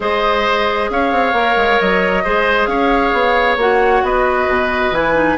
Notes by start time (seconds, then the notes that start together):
0.00 G#3 G#4 C5 D#5
0.89 C#4 C#5 F5
1.12 C4
1.33 A#3 A#4
1.56 G#3
1.80 F#3 D#5
2.24 G#3 G#4 C5
2.66 C#4 C#5 F5
3.12 B3
3.56 A#3 F#4 F#5
4.02 B3 B4 D#5
4.48 B2
4.91 E3 E4 G#5
5.14 D#4